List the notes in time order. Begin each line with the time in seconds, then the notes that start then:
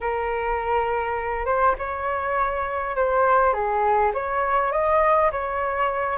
0.01 A#4
1.45 C5
1.78 C#5
2.96 C5
3.53 G#4
4.14 C#5
4.71 D#5
5.31 C#5